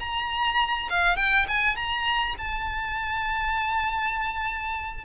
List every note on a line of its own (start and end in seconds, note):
0.00 0.89 A#5
0.90 1.17 F5
1.17 1.46 G5
1.48 1.76 G#5
1.76 2.35 A#5
2.38 5.05 A5